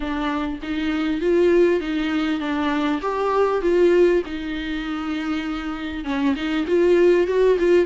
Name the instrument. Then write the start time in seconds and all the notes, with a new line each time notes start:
viola
0.00 D4
0.62 D#4
1.20 F4
1.80 D#4
2.40 D4
3.01 G4
3.61 F4
4.25 D#4
6.04 C#4
6.35 D#4
6.67 F4
7.27 F#4
7.58 F4